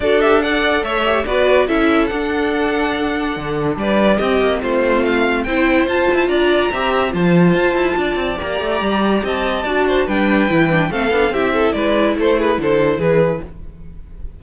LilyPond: <<
  \new Staff \with { instrumentName = "violin" } { \time 4/4 \tempo 4 = 143 d''8 e''8 fis''4 e''4 d''4 | e''4 fis''2.~ | fis''4 d''4 dis''4 c''4 | f''4 g''4 a''4 ais''4~ |
ais''4 a''2. | ais''2 a''2 | g''2 f''4 e''4 | d''4 c''8 b'8 c''4 b'4 | }
  \new Staff \with { instrumentName = "violin" } { \time 4/4 a'4 d''4 cis''4 b'4 | a'1~ | a'4 b'4 g'4 f'4~ | f'4 c''2 d''4 |
e''4 c''2 d''4~ | d''2 dis''4 d''8 c''8 | b'2 a'4 g'8 a'8 | b'4 a'8 gis'8 a'4 gis'4 | }
  \new Staff \with { instrumentName = "viola" } { \time 4/4 fis'8 g'8 a'4. g'8 fis'4 | e'4 d'2.~ | d'2 c'2~ | c'4 e'4 f'2 |
g'4 f'2. | g'2. fis'4 | d'4 e'8 d'8 c'8 d'8 e'4~ | e'1 | }
  \new Staff \with { instrumentName = "cello" } { \time 4/4 d'2 a4 b4 | cis'4 d'2. | d4 g4 c'8 ais8 a4~ | a4 c'4 f'8 e'8 d'4 |
c'4 f4 f'8 e'8 d'8 c'8 | ais8 a8 g4 c'4 d'4 | g4 e4 a8 b8 c'4 | gis4 a4 d4 e4 | }
>>